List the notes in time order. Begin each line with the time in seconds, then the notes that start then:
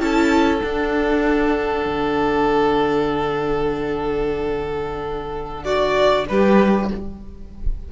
0.00 C#4 E4 A4 A5
0.60 D4 F#5
1.86 D3
5.64 F#4 D5
6.28 G3 G4 B4